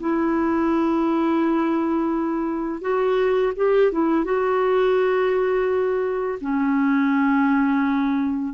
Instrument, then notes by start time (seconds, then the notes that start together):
clarinet
0.00 E4
2.81 F#4
3.56 G4
3.92 E4
4.24 F#4
6.41 C#4